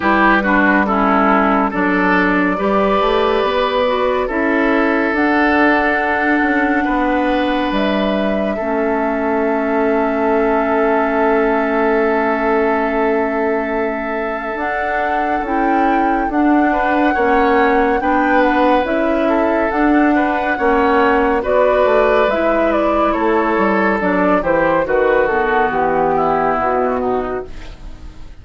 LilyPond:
<<
  \new Staff \with { instrumentName = "flute" } { \time 4/4 \tempo 4 = 70 b'4 a'4 d''2~ | d''4 e''4 fis''2~ | fis''4 e''2.~ | e''1~ |
e''4 fis''4 g''4 fis''4~ | fis''4 g''8 fis''8 e''4 fis''4~ | fis''4 d''4 e''8 d''8 cis''4 | d''8 c''8 b'8 a'8 g'4 fis'4 | }
  \new Staff \with { instrumentName = "oboe" } { \time 4/4 g'8 fis'8 e'4 a'4 b'4~ | b'4 a'2. | b'2 a'2~ | a'1~ |
a'2.~ a'8 b'8 | cis''4 b'4. a'4 b'8 | cis''4 b'2 a'4~ | a'8 g'8 fis'4. e'4 dis'8 | }
  \new Staff \with { instrumentName = "clarinet" } { \time 4/4 e'8 d'8 cis'4 d'4 g'4~ | g'8 fis'8 e'4 d'2~ | d'2 cis'2~ | cis'1~ |
cis'4 d'4 e'4 d'4 | cis'4 d'4 e'4 d'4 | cis'4 fis'4 e'2 | d'8 e'8 fis'8 b2~ b8 | }
  \new Staff \with { instrumentName = "bassoon" } { \time 4/4 g2 fis4 g8 a8 | b4 cis'4 d'4. cis'8 | b4 g4 a2~ | a1~ |
a4 d'4 cis'4 d'4 | ais4 b4 cis'4 d'4 | ais4 b8 a8 gis4 a8 g8 | fis8 e8 dis4 e4 b,4 | }
>>